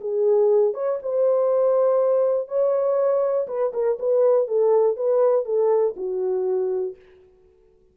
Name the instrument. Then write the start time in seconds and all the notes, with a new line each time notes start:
horn
0.00 G#4
0.74 C#5
1.02 C5
2.48 C#5
3.48 B4
3.73 A#4
3.99 B4
4.47 A4
4.96 B4
5.45 A4
5.96 F#4